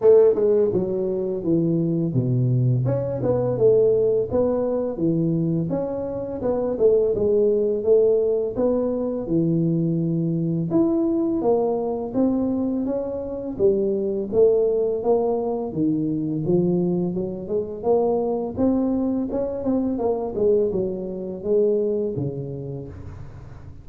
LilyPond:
\new Staff \with { instrumentName = "tuba" } { \time 4/4 \tempo 4 = 84 a8 gis8 fis4 e4 b,4 | cis'8 b8 a4 b4 e4 | cis'4 b8 a8 gis4 a4 | b4 e2 e'4 |
ais4 c'4 cis'4 g4 | a4 ais4 dis4 f4 | fis8 gis8 ais4 c'4 cis'8 c'8 | ais8 gis8 fis4 gis4 cis4 | }